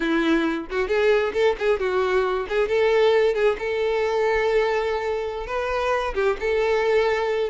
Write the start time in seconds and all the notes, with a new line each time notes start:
0.00 E4
0.70 F#4
0.88 G#4
1.33 A4
1.58 G#4
1.79 F#4
2.49 G#4
2.68 A4
3.34 G#4
3.58 A4
5.46 B4
6.14 G4
6.39 A4